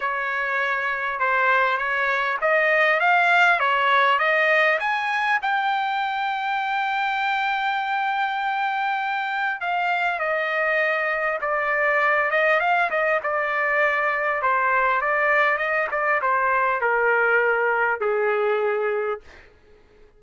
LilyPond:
\new Staff \with { instrumentName = "trumpet" } { \time 4/4 \tempo 4 = 100 cis''2 c''4 cis''4 | dis''4 f''4 cis''4 dis''4 | gis''4 g''2.~ | g''1 |
f''4 dis''2 d''4~ | d''8 dis''8 f''8 dis''8 d''2 | c''4 d''4 dis''8 d''8 c''4 | ais'2 gis'2 | }